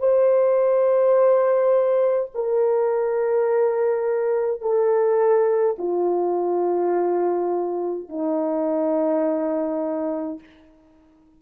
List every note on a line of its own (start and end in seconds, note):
0.00 2.31 C5
2.35 4.62 A#4
4.62 5.77 A4
5.79 8.09 F4
8.09 10.40 D#4